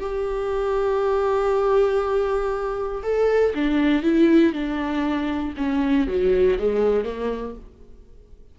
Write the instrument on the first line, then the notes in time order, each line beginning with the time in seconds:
viola
0.00 G4
3.03 A4
3.55 D4
4.02 E4
4.53 D4
5.57 C#4
6.07 F#3
6.58 G#3
7.05 A#3